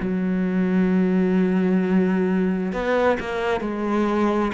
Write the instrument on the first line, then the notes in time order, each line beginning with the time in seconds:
cello
0.00 F#3
2.73 B3
3.20 A#3
3.61 G#3